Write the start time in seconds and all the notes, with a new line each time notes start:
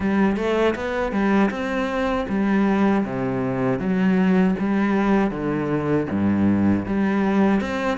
0.00 G3
0.37 A3
0.75 B3
1.12 G3
1.50 C4
2.29 G3
3.05 C3
3.79 F#3
4.59 G3
5.31 D3
6.10 G2
6.86 G3
7.61 C4